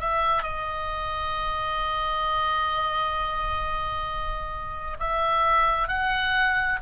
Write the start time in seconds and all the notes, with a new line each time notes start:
0.00 E5
0.43 D#5
5.00 E5
5.88 F#5